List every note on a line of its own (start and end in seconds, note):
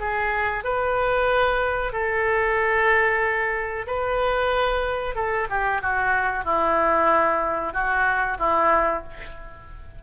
0.00 0.64 G#4
0.64 1.93 B4
1.93 3.87 A4
3.87 5.16 B4
5.16 5.48 A4
5.50 5.82 G4
5.82 6.45 F#4
6.45 7.73 E4
7.73 8.38 F#4
8.39 9.04 E4